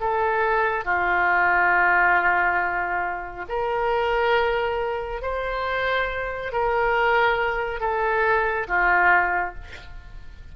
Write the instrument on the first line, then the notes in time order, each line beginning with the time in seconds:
oboe
0.00 A4
0.85 F4
3.49 A#4
5.22 C5
6.52 A#4
7.80 A4
8.68 F4